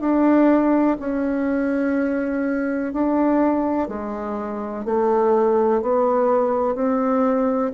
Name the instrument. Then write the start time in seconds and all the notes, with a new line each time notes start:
bassoon
0.00 D4
0.99 C#4
2.93 D4
3.88 G#3
4.85 A3
5.82 B3
6.75 C4